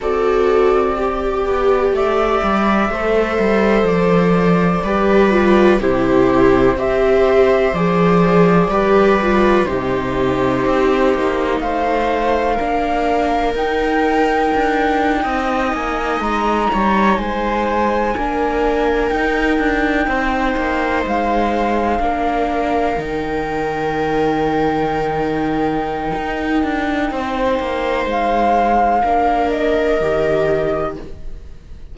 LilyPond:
<<
  \new Staff \with { instrumentName = "flute" } { \time 4/4 \tempo 4 = 62 d''2 e''2 | d''2 c''4 e''4 | d''2 c''2 | f''2 g''2~ |
g''16 gis''8 ais''4 gis''2 g''16~ | g''4.~ g''16 f''2 g''16~ | g''1~ | g''4 f''4. dis''4. | }
  \new Staff \with { instrumentName = "viola" } { \time 4/4 a'4 g'4 d''4 c''4~ | c''4 b'4 g'4 c''4~ | c''4 b'4 g'2 | c''4 ais'2~ ais'8. dis''16~ |
dis''4~ dis''16 cis''8 c''4 ais'4~ ais'16~ | ais'8. c''2 ais'4~ ais'16~ | ais'1 | c''2 ais'2 | }
  \new Staff \with { instrumentName = "viola" } { \time 4/4 fis'4 g'2 a'4~ | a'4 g'8 f'8 e'4 g'4 | gis'4 g'8 f'8 dis'2~ | dis'4 d'4 dis'2~ |
dis'2~ dis'8. d'4 dis'16~ | dis'2~ dis'8. d'4 dis'16~ | dis'1~ | dis'2 d'4 g'4 | }
  \new Staff \with { instrumentName = "cello" } { \time 4/4 c'4. b8 a8 g8 a8 g8 | f4 g4 c4 c'4 | f4 g4 c4 c'8 ais8 | a4 ais4 dis'4 d'8. c'16~ |
c'16 ais8 gis8 g8 gis4 ais4 dis'16~ | dis'16 d'8 c'8 ais8 gis4 ais4 dis16~ | dis2. dis'8 d'8 | c'8 ais8 gis4 ais4 dis4 | }
>>